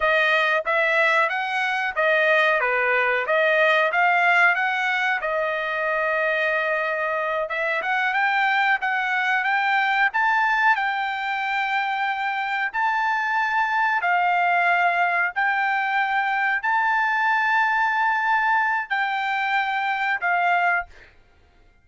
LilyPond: \new Staff \with { instrumentName = "trumpet" } { \time 4/4 \tempo 4 = 92 dis''4 e''4 fis''4 dis''4 | b'4 dis''4 f''4 fis''4 | dis''2.~ dis''8 e''8 | fis''8 g''4 fis''4 g''4 a''8~ |
a''8 g''2. a''8~ | a''4. f''2 g''8~ | g''4. a''2~ a''8~ | a''4 g''2 f''4 | }